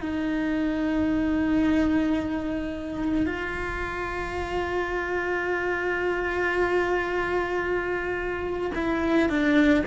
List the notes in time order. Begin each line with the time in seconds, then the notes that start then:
0.00 D#4
3.26 F4
8.74 E4
9.29 D4